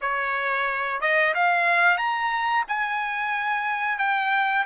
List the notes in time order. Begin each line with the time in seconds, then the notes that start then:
0.01 C#5
1.00 D#5
1.34 F5
1.97 A#5
2.68 G#5
3.98 G5